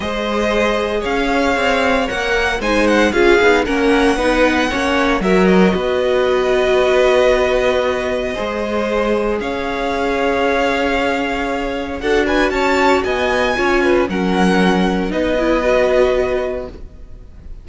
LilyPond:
<<
  \new Staff \with { instrumentName = "violin" } { \time 4/4 \tempo 4 = 115 dis''2 f''2 | fis''4 gis''8 fis''8 f''4 fis''4~ | fis''2 e''8 dis''4.~ | dis''1~ |
dis''2 f''2~ | f''2. fis''8 gis''8 | a''4 gis''2 fis''4~ | fis''4 dis''2. | }
  \new Staff \with { instrumentName = "violin" } { \time 4/4 c''2 cis''2~ | cis''4 c''4 gis'4 ais'4 | b'4 cis''4 ais'4 b'4~ | b'1 |
c''2 cis''2~ | cis''2. a'8 b'8 | cis''4 dis''4 cis''8 b'8 ais'4~ | ais'4 b'2. | }
  \new Staff \with { instrumentName = "viola" } { \time 4/4 gis'1 | ais'4 dis'4 f'8 dis'8 cis'4 | dis'4 cis'4 fis'2~ | fis'1 |
gis'1~ | gis'2. fis'4~ | fis'2 f'4 cis'4~ | cis'4 dis'8 e'8 fis'2 | }
  \new Staff \with { instrumentName = "cello" } { \time 4/4 gis2 cis'4 c'4 | ais4 gis4 cis'8 b8 ais4 | b4 ais4 fis4 b4~ | b1 |
gis2 cis'2~ | cis'2. d'4 | cis'4 b4 cis'4 fis4~ | fis4 b2. | }
>>